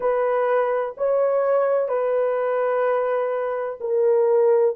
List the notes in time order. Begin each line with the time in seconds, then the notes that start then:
0.00 B4
0.97 C#5
1.88 B4
3.80 A#4